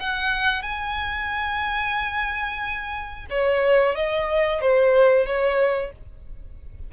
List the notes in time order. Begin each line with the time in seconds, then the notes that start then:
0.00 F#5
0.63 G#5
3.31 C#5
3.96 D#5
4.62 C5
5.27 C#5